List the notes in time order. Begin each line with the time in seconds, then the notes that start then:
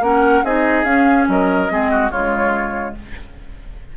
0.00 A#3 C#4 A#4 F#5
0.44 C4 D#4 G#4 D#5
0.84 C#4 F5
1.28 F#3 A#4 D#5
1.69 G#3 C4 G#4
1.91 F#4
2.11 C#3 G#3 F4 C#5